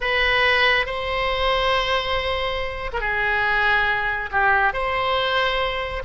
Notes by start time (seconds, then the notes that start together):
0.00 B4
0.86 C5
2.92 A#4
3.00 G#4
4.31 G4
4.73 C5